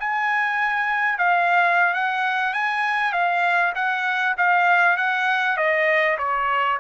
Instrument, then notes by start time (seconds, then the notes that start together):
trumpet
0.00 G#5
1.19 F5
1.94 F#5
2.54 G#5
3.13 F5
3.75 F#5
4.38 F5
4.98 F#5
5.57 D#5
6.19 C#5